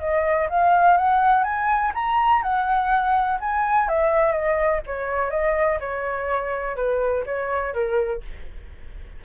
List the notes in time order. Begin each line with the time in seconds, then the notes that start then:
0.00 D#5
0.50 F5
0.98 F#5
1.44 G#5
1.95 A#5
2.43 F#5
3.40 G#5
3.89 E5
4.33 D#5
4.87 C#5
5.31 D#5
5.81 C#5
6.76 B4
7.26 C#5
7.74 A#4